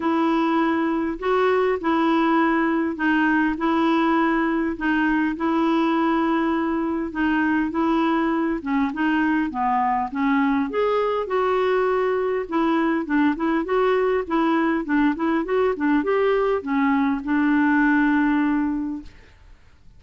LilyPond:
\new Staff \with { instrumentName = "clarinet" } { \time 4/4 \tempo 4 = 101 e'2 fis'4 e'4~ | e'4 dis'4 e'2 | dis'4 e'2. | dis'4 e'4. cis'8 dis'4 |
b4 cis'4 gis'4 fis'4~ | fis'4 e'4 d'8 e'8 fis'4 | e'4 d'8 e'8 fis'8 d'8 g'4 | cis'4 d'2. | }